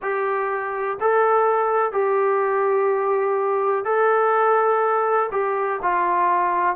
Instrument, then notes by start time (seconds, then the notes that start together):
trombone
0.01 G4
1.00 A4
1.91 G4
3.84 A4
5.31 G4
5.82 F4